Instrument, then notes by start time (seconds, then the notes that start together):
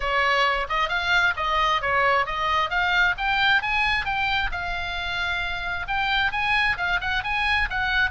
oboe
0.00 C#5
0.69 D#5
0.88 F5
1.36 D#5
1.81 C#5
2.26 D#5
2.70 F5
3.17 G5
3.62 G#5
4.05 G5
4.51 F5
5.87 G5
6.31 G#5
6.77 F5
7.00 F#5
7.23 G#5
7.70 F#5